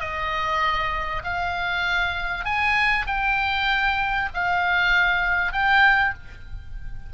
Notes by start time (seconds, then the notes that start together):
0.00 D#5
1.23 F5
2.44 G#5
3.06 G5
4.34 F5
5.52 G5